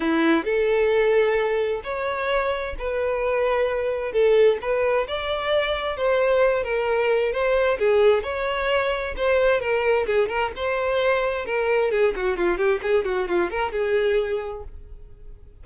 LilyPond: \new Staff \with { instrumentName = "violin" } { \time 4/4 \tempo 4 = 131 e'4 a'2. | cis''2 b'2~ | b'4 a'4 b'4 d''4~ | d''4 c''4. ais'4. |
c''4 gis'4 cis''2 | c''4 ais'4 gis'8 ais'8 c''4~ | c''4 ais'4 gis'8 fis'8 f'8 g'8 | gis'8 fis'8 f'8 ais'8 gis'2 | }